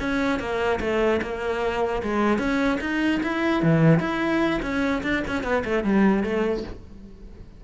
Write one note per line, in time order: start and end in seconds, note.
0.00 0.40 C#4
0.40 0.80 A#3
0.81 1.21 A3
1.22 2.03 A#3
2.03 2.39 G#3
2.39 2.79 C#4
2.81 3.21 D#4
3.23 3.63 E4
3.63 4.00 E3
4.00 4.61 E4
4.62 5.03 C#4
5.03 5.23 D4
5.28 5.44 C#4
5.44 5.64 B3
5.65 5.84 A3
5.84 6.24 G3
6.24 6.64 A3